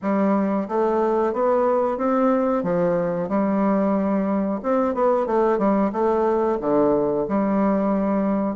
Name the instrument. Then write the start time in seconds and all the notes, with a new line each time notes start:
bassoon
0.02 G3
0.68 A3
1.33 B3
1.97 C4
2.63 F3
3.28 G3
4.62 C4
4.94 B3
5.26 A3
5.58 G3
5.92 A3
6.60 D3
7.28 G3